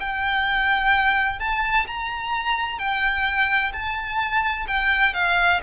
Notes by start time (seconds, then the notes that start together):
0.00 G5
1.39 A5
1.87 A#5
2.78 G5
3.72 A5
4.67 G5
5.14 F5